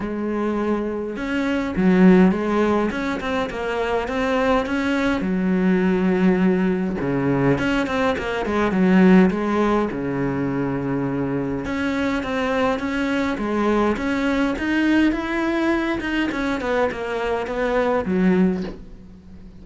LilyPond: \new Staff \with { instrumentName = "cello" } { \time 4/4 \tempo 4 = 103 gis2 cis'4 fis4 | gis4 cis'8 c'8 ais4 c'4 | cis'4 fis2. | cis4 cis'8 c'8 ais8 gis8 fis4 |
gis4 cis2. | cis'4 c'4 cis'4 gis4 | cis'4 dis'4 e'4. dis'8 | cis'8 b8 ais4 b4 fis4 | }